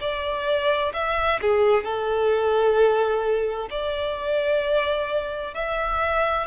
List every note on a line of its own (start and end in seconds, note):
0.00 0.92 D5
0.93 1.39 E5
1.41 1.84 G#4
1.84 3.68 A4
3.70 5.54 D5
5.54 6.46 E5